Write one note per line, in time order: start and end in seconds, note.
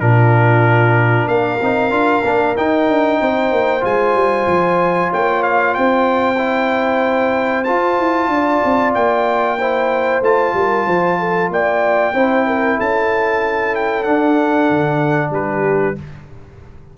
0.00 1.27 A#2
0.00 1.60 D4
0.00 1.30 F4
0.00 1.28 A#4
1.27 1.59 A#3
1.27 3.20 A#4
1.27 2.55 F5
1.61 1.90 C4
1.61 1.91 D#4
1.90 2.22 D4
1.90 2.23 F4
2.24 2.56 A#3
2.24 2.56 D4
2.57 2.88 D#4
2.57 3.80 D#4
2.57 3.84 G5
2.88 3.20 D4
3.20 3.51 C4
3.20 5.11 C5
3.51 3.83 A#3
3.80 4.14 G#3
3.80 6.36 F4
3.80 5.12 G#5
4.14 4.46 G3
4.47 5.10 F3
5.11 5.76 A#3
5.11 5.74 C#5
5.11 5.43 G5
5.43 5.74 F5
5.74 7.68 C4
5.74 8.32 C5
5.74 7.64 G5
6.38 7.65 E4
7.64 9.58 F4
7.64 7.99 F4
7.64 8.92 A5
7.99 8.28 E4
8.28 8.60 D4
8.28 9.59 D5
8.64 8.95 C4
8.94 10.21 A#3
8.94 10.22 G5
9.59 10.23 E4
9.59 10.54 C5
10.21 10.53 A3
10.21 12.13 F4
10.21 11.51 A5
10.54 10.86 G3
10.54 10.86 A#4
10.86 11.49 F3
10.86 11.18 C5
11.19 11.51 A4
11.49 12.13 A#3
11.49 12.14 D5
11.49 12.80 G5
12.13 12.78 C4
12.13 14.04 E4
12.13 12.46 C5
12.46 12.77 A#4
12.77 14.07 C#4
12.77 15.32 A4
12.77 13.75 A5
13.75 14.03 G5
14.03 15.95 D4
14.03 14.70 D4
14.03 15.31 F#5
14.70 15.30 D3
15.30 15.94 G3
15.30 15.97 G4
15.30 15.97 B4